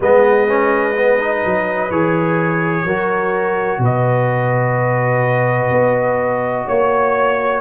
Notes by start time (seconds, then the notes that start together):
0.00 G#3 B3 B4 D#5
0.48 C#4
0.96 B3
1.18 D#4
1.44 F#3
1.90 E3 G#4 C#5
2.84 F#3 F#4 A#4
3.78 B2 B4
3.85 D#5
5.70 B3
6.65 A#3 C#5